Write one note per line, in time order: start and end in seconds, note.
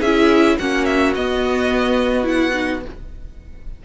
0.00 0.57 C#4
0.00 0.59 E4
0.00 0.56 G#4
0.00 0.57 E5
0.58 1.16 A#3
0.58 1.15 C#4
0.58 2.83 F#4
0.58 0.85 F#5
0.85 1.13 E5
1.14 2.85 B3
1.14 2.24 B3
1.14 2.26 D#5
2.24 2.52 E4
2.24 2.83 F#5
2.53 2.81 D#4